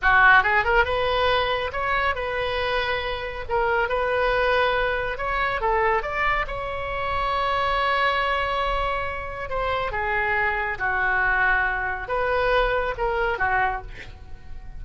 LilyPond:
\new Staff \with { instrumentName = "oboe" } { \time 4/4 \tempo 4 = 139 fis'4 gis'8 ais'8 b'2 | cis''4 b'2. | ais'4 b'2. | cis''4 a'4 d''4 cis''4~ |
cis''1~ | cis''2 c''4 gis'4~ | gis'4 fis'2. | b'2 ais'4 fis'4 | }